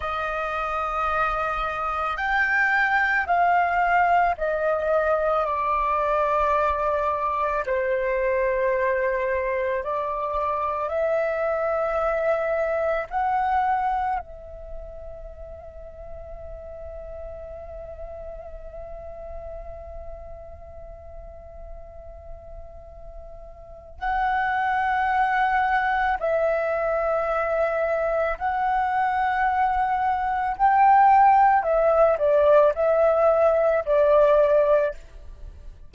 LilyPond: \new Staff \with { instrumentName = "flute" } { \time 4/4 \tempo 4 = 55 dis''2 g''4 f''4 | dis''4 d''2 c''4~ | c''4 d''4 e''2 | fis''4 e''2.~ |
e''1~ | e''2 fis''2 | e''2 fis''2 | g''4 e''8 d''8 e''4 d''4 | }